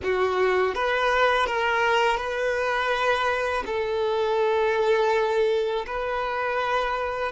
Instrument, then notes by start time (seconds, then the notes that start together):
violin
0.03 F#4
0.75 B4
1.46 A#4
2.17 B4
3.66 A4
5.86 B4